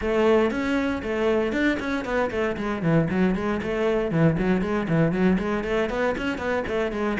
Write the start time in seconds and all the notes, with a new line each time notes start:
0.01 A3
0.50 C#4
1.03 A3
1.52 D4
1.79 C#4
2.04 B3
2.30 A3
2.56 G#3
2.82 E3
3.10 F#3
3.35 G#3
3.62 A3
4.11 E3
4.38 F#3
4.61 G#3
4.88 E3
5.12 F#3
5.38 G#3
5.64 A3
5.89 B3
6.17 C#4
6.38 B3
6.67 A3
6.92 G#3